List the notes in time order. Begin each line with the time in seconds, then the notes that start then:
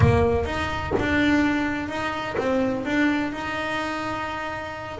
0.00 A#3
0.45 D#4
0.99 D4
1.89 D#4
2.37 C4
2.85 D4
3.32 D#4